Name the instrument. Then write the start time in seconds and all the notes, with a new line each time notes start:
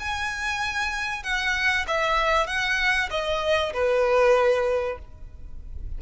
violin
0.00 G#5
1.24 F#5
1.88 E5
2.47 F#5
3.11 D#5
3.74 B4